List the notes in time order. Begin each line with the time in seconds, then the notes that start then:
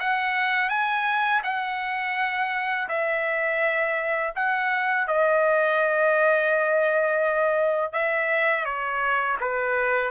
0.00 F#5
0.69 G#5
1.44 F#5
2.89 E5
4.35 F#5
5.07 D#5
7.93 E5
8.65 C#5
9.41 B4